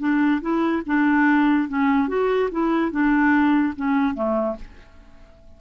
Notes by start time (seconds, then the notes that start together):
0.00 D4
0.42 E4
0.87 D4
1.69 C#4
2.09 F#4
2.52 E4
2.92 D4
3.77 C#4
4.15 A3